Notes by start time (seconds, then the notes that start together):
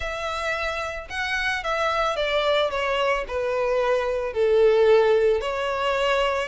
0.00 E5
1.09 F#5
1.63 E5
2.16 D5
2.70 C#5
3.27 B4
4.33 A4
5.40 C#5